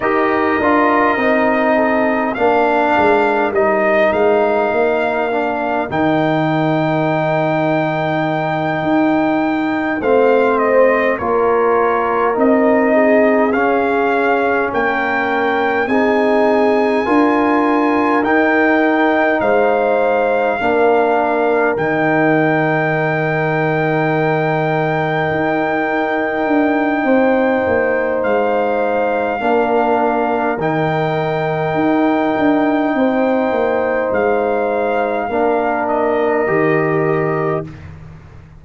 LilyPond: <<
  \new Staff \with { instrumentName = "trumpet" } { \time 4/4 \tempo 4 = 51 dis''2 f''4 dis''8 f''8~ | f''4 g''2.~ | g''8 f''8 dis''8 cis''4 dis''4 f''8~ | f''8 g''4 gis''2 g''8~ |
g''8 f''2 g''4.~ | g''1 | f''2 g''2~ | g''4 f''4. dis''4. | }
  \new Staff \with { instrumentName = "horn" } { \time 4/4 ais'4. a'8 ais'2~ | ais'1~ | ais'8 c''4 ais'4. gis'4~ | gis'8 ais'4 gis'4 ais'4.~ |
ais'8 c''4 ais'2~ ais'8~ | ais'2. c''4~ | c''4 ais'2. | c''2 ais'2 | }
  \new Staff \with { instrumentName = "trombone" } { \time 4/4 g'8 f'8 dis'4 d'4 dis'4~ | dis'8 d'8 dis'2.~ | dis'8 c'4 f'4 dis'4 cis'8~ | cis'4. dis'4 f'4 dis'8~ |
dis'4. d'4 dis'4.~ | dis'1~ | dis'4 d'4 dis'2~ | dis'2 d'4 g'4 | }
  \new Staff \with { instrumentName = "tuba" } { \time 4/4 dis'8 d'8 c'4 ais8 gis8 g8 gis8 | ais4 dis2~ dis8 dis'8~ | dis'8 a4 ais4 c'4 cis'8~ | cis'8 ais4 c'4 d'4 dis'8~ |
dis'8 gis4 ais4 dis4.~ | dis4. dis'4 d'8 c'8 ais8 | gis4 ais4 dis4 dis'8 d'8 | c'8 ais8 gis4 ais4 dis4 | }
>>